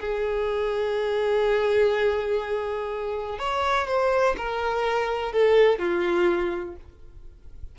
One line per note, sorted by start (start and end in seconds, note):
0.00 3.39 G#4
3.39 3.87 C#5
3.87 4.35 C5
4.37 5.32 A#4
5.32 5.79 A4
5.79 6.75 F4